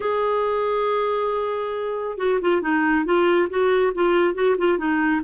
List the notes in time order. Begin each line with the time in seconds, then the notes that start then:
0.00 G#4
2.17 F#4
2.41 F4
2.61 D#4
3.05 F4
3.49 F#4
3.94 F4
4.34 F#4
4.58 F4
4.77 D#4